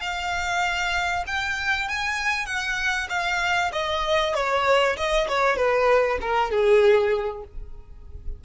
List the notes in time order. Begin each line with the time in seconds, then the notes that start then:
0.00 F5
1.26 G5
1.88 G#5
2.46 F#5
3.09 F5
3.72 D#5
4.34 C#5
4.96 D#5
5.28 C#5
5.56 B4
6.21 A#4
6.51 G#4